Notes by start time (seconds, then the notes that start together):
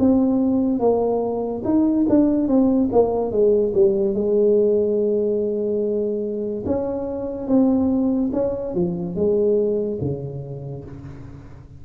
0.00 C4
0.80 A#3
1.65 D#4
2.09 D4
2.48 C4
2.93 A#3
3.32 G#3
3.75 G3
4.15 G#3
6.66 C#4
7.48 C4
8.33 C#4
8.75 F3
9.16 G#3
10.02 C#3